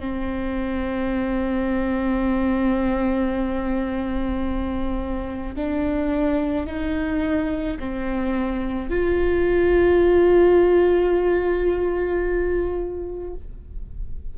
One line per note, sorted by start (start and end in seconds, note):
0.00 5.56 C4
5.56 6.67 D4
6.67 7.78 D#4
7.80 8.90 C4
8.90 13.34 F4